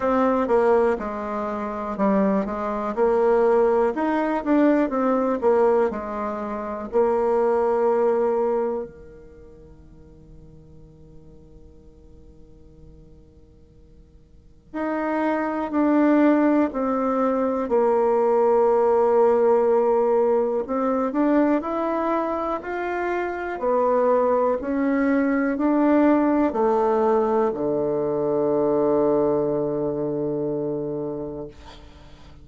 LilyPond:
\new Staff \with { instrumentName = "bassoon" } { \time 4/4 \tempo 4 = 61 c'8 ais8 gis4 g8 gis8 ais4 | dis'8 d'8 c'8 ais8 gis4 ais4~ | ais4 dis2.~ | dis2. dis'4 |
d'4 c'4 ais2~ | ais4 c'8 d'8 e'4 f'4 | b4 cis'4 d'4 a4 | d1 | }